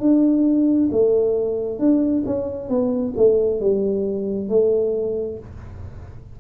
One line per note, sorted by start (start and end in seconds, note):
0.00 0.90 D4
0.92 1.79 A3
1.79 2.24 D4
2.26 2.69 C#4
2.69 3.14 B3
3.17 3.60 A3
3.60 4.49 G3
4.49 5.39 A3